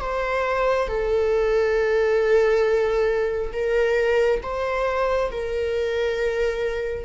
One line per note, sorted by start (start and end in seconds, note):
0.00 0.87 C5
0.87 3.52 A4
3.53 4.41 A#4
4.42 5.31 C5
5.31 7.04 A#4